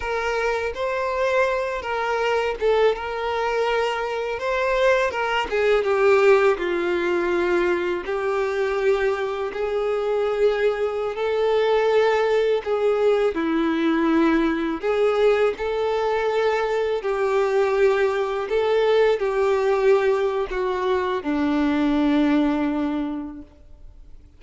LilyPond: \new Staff \with { instrumentName = "violin" } { \time 4/4 \tempo 4 = 82 ais'4 c''4. ais'4 a'8 | ais'2 c''4 ais'8 gis'8 | g'4 f'2 g'4~ | g'4 gis'2~ gis'16 a'8.~ |
a'4~ a'16 gis'4 e'4.~ e'16~ | e'16 gis'4 a'2 g'8.~ | g'4~ g'16 a'4 g'4.~ g'16 | fis'4 d'2. | }